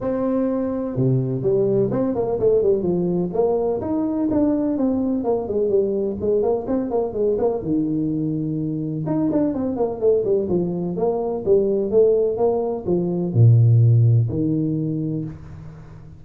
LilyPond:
\new Staff \with { instrumentName = "tuba" } { \time 4/4 \tempo 4 = 126 c'2 c4 g4 | c'8 ais8 a8 g8 f4 ais4 | dis'4 d'4 c'4 ais8 gis8 | g4 gis8 ais8 c'8 ais8 gis8 ais8 |
dis2. dis'8 d'8 | c'8 ais8 a8 g8 f4 ais4 | g4 a4 ais4 f4 | ais,2 dis2 | }